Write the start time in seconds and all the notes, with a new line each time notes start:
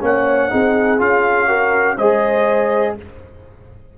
0.00 A#3 C#4 C#5 F#5
0.49 C4 D#4 G#4
0.98 C#4 F4 F5
1.48 F#4 A#4
1.97 G#3 G#4 C5 D#5